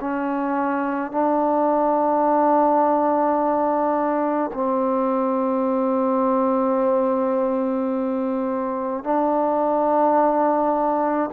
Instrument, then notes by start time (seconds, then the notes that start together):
trombone
0.00 C#4
1.11 D4
4.53 C4
9.04 D4